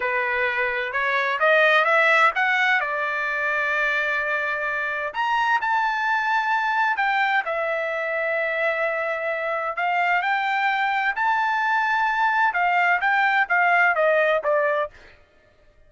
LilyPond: \new Staff \with { instrumentName = "trumpet" } { \time 4/4 \tempo 4 = 129 b'2 cis''4 dis''4 | e''4 fis''4 d''2~ | d''2. ais''4 | a''2. g''4 |
e''1~ | e''4 f''4 g''2 | a''2. f''4 | g''4 f''4 dis''4 d''4 | }